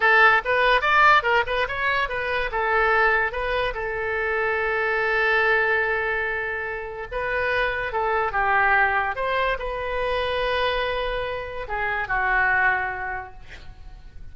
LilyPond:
\new Staff \with { instrumentName = "oboe" } { \time 4/4 \tempo 4 = 144 a'4 b'4 d''4 ais'8 b'8 | cis''4 b'4 a'2 | b'4 a'2.~ | a'1~ |
a'4 b'2 a'4 | g'2 c''4 b'4~ | b'1 | gis'4 fis'2. | }